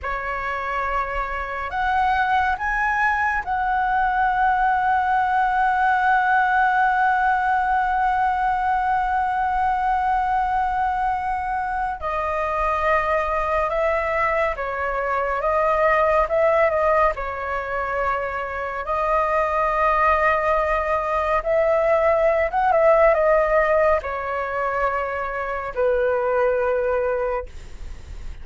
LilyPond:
\new Staff \with { instrumentName = "flute" } { \time 4/4 \tempo 4 = 70 cis''2 fis''4 gis''4 | fis''1~ | fis''1~ | fis''2 dis''2 |
e''4 cis''4 dis''4 e''8 dis''8 | cis''2 dis''2~ | dis''4 e''4~ e''16 fis''16 e''8 dis''4 | cis''2 b'2 | }